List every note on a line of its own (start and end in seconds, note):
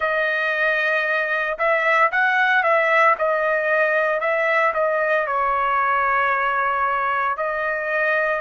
0.00 1.57 D#5
1.58 2.11 E5
2.11 2.63 F#5
2.63 3.15 E5
3.18 4.20 D#5
4.20 4.73 E5
4.74 5.26 D#5
5.26 7.37 C#5
7.37 8.40 D#5